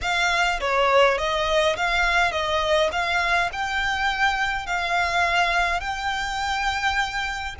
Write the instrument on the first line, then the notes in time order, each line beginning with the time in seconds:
violin
0.01 F5
0.60 C#5
1.18 D#5
1.76 F5
2.31 D#5
2.92 F5
3.52 G5
4.66 F5
5.80 G5